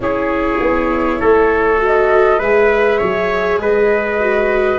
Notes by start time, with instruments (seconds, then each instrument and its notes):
0.00 tuba C#4, viola E4, trumpet G#4, flute C#5
0.60 tuba B3
1.20 tuba A3, trumpet A4
1.77 viola F#4
1.85 flute D#5
2.39 tuba G#3, viola G#4, trumpet B4, flute E5
2.98 tuba F#3, trumpet C#5
3.58 tuba G#3, trumpet B4, flute D#5
4.20 viola F#4